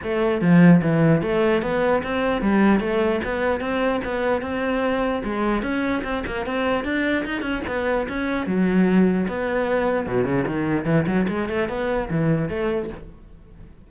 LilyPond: \new Staff \with { instrumentName = "cello" } { \time 4/4 \tempo 4 = 149 a4 f4 e4 a4 | b4 c'4 g4 a4 | b4 c'4 b4 c'4~ | c'4 gis4 cis'4 c'8 ais8 |
c'4 d'4 dis'8 cis'8 b4 | cis'4 fis2 b4~ | b4 b,8 cis8 dis4 e8 fis8 | gis8 a8 b4 e4 a4 | }